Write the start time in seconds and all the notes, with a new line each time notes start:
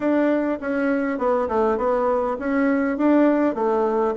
0.00 D4
0.60 C#4
1.18 B3
1.48 A3
1.77 B3
2.39 C#4
2.97 D4
3.55 A3